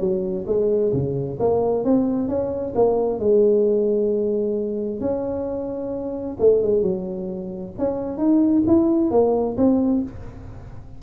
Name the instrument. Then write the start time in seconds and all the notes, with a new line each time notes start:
tuba
0.00 F#3
0.47 G#3
0.93 C#3
1.40 A#3
1.84 C4
2.28 C#4
2.75 A#3
3.19 G#3
5.00 C#4
6.40 A3
6.62 G#3
6.82 F#3
7.78 C#4
8.17 D#4
8.67 E4
9.11 A#3
9.57 C4